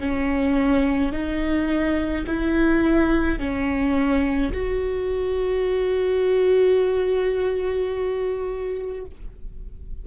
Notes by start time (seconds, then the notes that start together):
0.00 C#4
1.12 D#4
2.27 E4
3.39 C#4
4.53 F#4